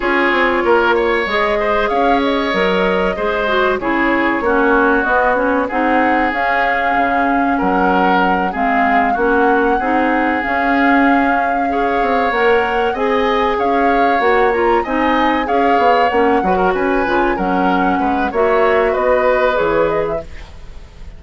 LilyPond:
<<
  \new Staff \with { instrumentName = "flute" } { \time 4/4 \tempo 4 = 95 cis''2 dis''4 f''8 dis''8~ | dis''2 cis''2 | dis''8 cis''8 fis''4 f''2 | fis''4. f''4 fis''4.~ |
fis''8 f''2. fis''8~ | fis''8 gis''4 f''4 fis''8 ais''8 gis''8~ | gis''8 f''4 fis''4 gis''4 fis''8~ | fis''4 e''4 dis''4 cis''8 dis''16 e''16 | }
  \new Staff \with { instrumentName = "oboe" } { \time 4/4 gis'4 ais'8 cis''4 c''8 cis''4~ | cis''4 c''4 gis'4 fis'4~ | fis'4 gis'2. | ais'4. gis'4 fis'4 gis'8~ |
gis'2~ gis'8 cis''4.~ | cis''8 dis''4 cis''2 dis''8~ | dis''8 cis''4. b'16 ais'16 b'4 ais'8~ | ais'8 b'8 cis''4 b'2 | }
  \new Staff \with { instrumentName = "clarinet" } { \time 4/4 f'2 gis'2 | ais'4 gis'8 fis'8 e'4 cis'4 | b8 cis'8 dis'4 cis'2~ | cis'4. c'4 cis'4 dis'8~ |
dis'8 cis'2 gis'4 ais'8~ | ais'8 gis'2 fis'8 f'8 dis'8~ | dis'8 gis'4 cis'8 fis'4 f'8 cis'8~ | cis'4 fis'2 gis'4 | }
  \new Staff \with { instrumentName = "bassoon" } { \time 4/4 cis'8 c'8 ais4 gis4 cis'4 | fis4 gis4 cis4 ais4 | b4 c'4 cis'4 cis4 | fis4. gis4 ais4 c'8~ |
c'8 cis'2~ cis'8 c'8 ais8~ | ais8 c'4 cis'4 ais4 c'8~ | c'8 cis'8 b8 ais8 fis8 cis'8 cis8 fis8~ | fis8 gis8 ais4 b4 e4 | }
>>